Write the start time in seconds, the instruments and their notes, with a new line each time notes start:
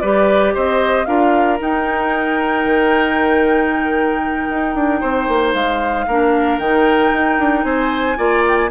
0.00 bassoon G3, clarinet G4, oboe B4, flute D5
0.54 bassoon C4, oboe C5, flute D#5
1.05 bassoon D4, clarinet F4, oboe A#4, flute F5
1.59 clarinet D#4, bassoon D#4, flute G5
2.64 bassoon D#3
4.49 bassoon D#4
4.74 bassoon D4
5.00 bassoon C4, oboe C5
5.28 bassoon A#3
5.53 bassoon G#3, flute F5
6.07 bassoon A#3, clarinet D4, oboe A#4
6.58 bassoon D#3, clarinet D#4, flute G5
7.12 bassoon D#4
7.38 bassoon D4
7.63 bassoon C4, oboe C5, flute G#5
8.16 bassoon A#3, clarinet F4, oboe D5
8.48 flute G5
8.56 flute G#5